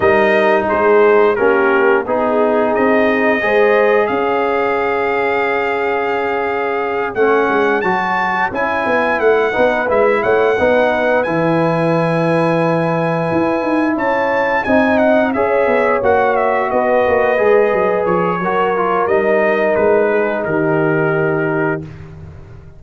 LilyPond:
<<
  \new Staff \with { instrumentName = "trumpet" } { \time 4/4 \tempo 4 = 88 dis''4 c''4 ais'4 gis'4 | dis''2 f''2~ | f''2~ f''8 fis''4 a''8~ | a''8 gis''4 fis''4 e''8 fis''4~ |
fis''8 gis''2.~ gis''8~ | gis''8 a''4 gis''8 fis''8 e''4 fis''8 | e''8 dis''2 cis''4. | dis''4 b'4 ais'2 | }
  \new Staff \with { instrumentName = "horn" } { \time 4/4 ais'4 gis'4 g'4 gis'4~ | gis'4 c''4 cis''2~ | cis''1~ | cis''2 b'4 cis''8 b'8~ |
b'1~ | b'8 cis''4 dis''4 cis''4.~ | cis''8 b'2~ b'8 ais'4~ | ais'4. gis'8 g'2 | }
  \new Staff \with { instrumentName = "trombone" } { \time 4/4 dis'2 cis'4 dis'4~ | dis'4 gis'2.~ | gis'2~ gis'8 cis'4 fis'8~ | fis'8 e'4. dis'8 e'4 dis'8~ |
dis'8 e'2.~ e'8~ | e'4. dis'4 gis'4 fis'8~ | fis'4. gis'4. fis'8 f'8 | dis'1 | }
  \new Staff \with { instrumentName = "tuba" } { \time 4/4 g4 gis4 ais4 b4 | c'4 gis4 cis'2~ | cis'2~ cis'8 a8 gis8 fis8~ | fis8 cis'8 b8 a8 b8 gis8 a8 b8~ |
b8 e2. e'8 | dis'8 cis'4 c'4 cis'8 b8 ais8~ | ais8 b8 ais8 gis8 fis8 f8 fis4 | g4 gis4 dis2 | }
>>